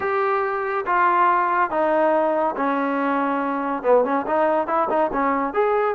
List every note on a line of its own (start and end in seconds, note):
0.00 0.85 G4
0.86 1.70 F4
1.70 2.55 D#4
2.56 3.83 C#4
3.83 4.04 B3
4.04 4.25 C#4
4.26 4.67 D#4
4.67 4.88 E4
4.89 5.10 D#4
5.12 5.53 C#4
5.53 5.95 G#4